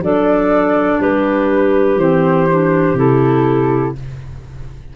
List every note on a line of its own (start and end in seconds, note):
0.00 0.98 F#3
0.00 1.98 D4
0.00 1.00 A4
0.00 1.01 D5
1.00 1.95 G3
1.00 3.95 G4
1.00 1.99 B4
1.95 2.94 E3
1.95 2.47 C4
1.95 2.97 C5
2.49 2.96 D4
2.94 3.92 C3
2.94 3.94 E4
2.94 3.96 A4